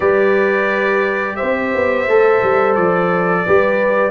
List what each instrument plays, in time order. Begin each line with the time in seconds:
0.00 tuba G3, trombone G4, horn B4, trumpet D5
1.36 horn C5, trumpet E5
1.42 tuba C4
1.75 tuba B3
2.08 tuba A3, trombone A4
2.43 tuba G3
2.75 tuba F3, trumpet D5
3.45 tuba G3, trombone G4, horn B4